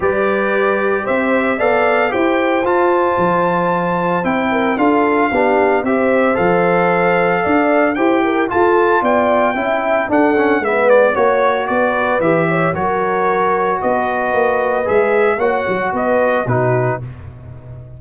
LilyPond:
<<
  \new Staff \with { instrumentName = "trumpet" } { \time 4/4 \tempo 4 = 113 d''2 e''4 f''4 | g''4 a''2. | g''4 f''2 e''4 | f''2. g''4 |
a''4 g''2 fis''4 | e''8 d''8 cis''4 d''4 e''4 | cis''2 dis''2 | e''4 fis''4 dis''4 b'4 | }
  \new Staff \with { instrumentName = "horn" } { \time 4/4 b'2 c''4 d''4 | c''1~ | c''8 ais'8 a'4 g'4 c''4~ | c''2 d''4 c''8 ais'8 |
a'4 d''4 e''4 a'4 | b'4 cis''4 b'4. cis''8 | ais'2 b'2~ | b'4 cis''4 b'4 fis'4 | }
  \new Staff \with { instrumentName = "trombone" } { \time 4/4 g'2. a'4 | g'4 f'2. | e'4 f'4 d'4 g'4 | a'2. g'4 |
f'2 e'4 d'8 cis'8 | b4 fis'2 g'4 | fis'1 | gis'4 fis'2 dis'4 | }
  \new Staff \with { instrumentName = "tuba" } { \time 4/4 g2 c'4 b4 | e'4 f'4 f2 | c'4 d'4 b4 c'4 | f2 d'4 e'4 |
f'4 b4 cis'4 d'4 | gis4 ais4 b4 e4 | fis2 b4 ais4 | gis4 ais8 fis8 b4 b,4 | }
>>